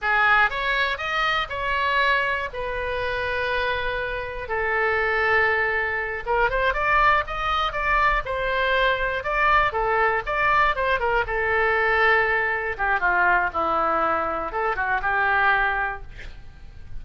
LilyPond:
\new Staff \with { instrumentName = "oboe" } { \time 4/4 \tempo 4 = 120 gis'4 cis''4 dis''4 cis''4~ | cis''4 b'2.~ | b'4 a'2.~ | a'8 ais'8 c''8 d''4 dis''4 d''8~ |
d''8 c''2 d''4 a'8~ | a'8 d''4 c''8 ais'8 a'4.~ | a'4. g'8 f'4 e'4~ | e'4 a'8 fis'8 g'2 | }